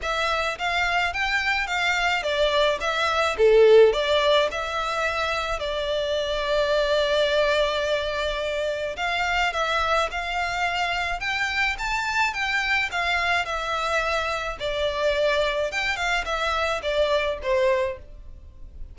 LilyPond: \new Staff \with { instrumentName = "violin" } { \time 4/4 \tempo 4 = 107 e''4 f''4 g''4 f''4 | d''4 e''4 a'4 d''4 | e''2 d''2~ | d''1 |
f''4 e''4 f''2 | g''4 a''4 g''4 f''4 | e''2 d''2 | g''8 f''8 e''4 d''4 c''4 | }